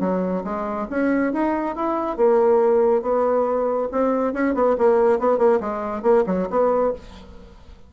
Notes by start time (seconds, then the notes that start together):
0.00 F#3
0.44 G#3
0.90 C#4
1.33 D#4
1.76 E4
2.17 A#3
3.02 B3
3.92 C4
4.33 C#4
4.54 B3
4.78 A#3
5.19 B3
5.38 A#3
5.60 G#3
6.03 A#3
6.26 F#3
6.50 B3